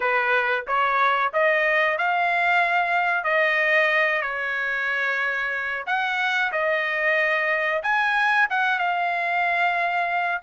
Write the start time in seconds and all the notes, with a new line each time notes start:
0.00 B4
0.67 C#5
1.33 D#5
1.98 F5
3.24 D#5
4.21 C#5
5.86 F#5
6.52 D#5
7.83 G#5
8.50 F#5
8.79 F5